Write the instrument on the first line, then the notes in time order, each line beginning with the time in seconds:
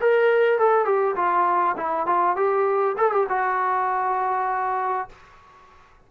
trombone
0.00 A#4
0.58 A4
0.85 G4
1.15 F4
1.76 E4
2.06 F4
2.36 G4
2.97 A4
3.11 G4
3.28 F#4